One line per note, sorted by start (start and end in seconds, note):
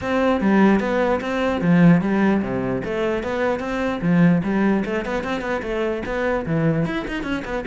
0.01 0.40 C4
0.40 0.80 G3
0.80 1.20 B3
1.20 1.61 C4
1.61 2.01 F3
2.01 2.41 G3
2.42 2.82 C3
2.84 3.23 A3
3.23 3.59 B3
3.59 4.00 C4
4.01 4.42 F3
4.43 4.83 G3
4.85 5.05 A3
5.05 5.23 B3
5.23 5.41 C4
5.41 5.61 B3
5.62 6.02 A3
6.05 6.45 B3
6.45 6.85 E3
6.85 7.05 E4
7.07 7.23 D#4
7.23 7.43 C#4
7.44 7.65 B3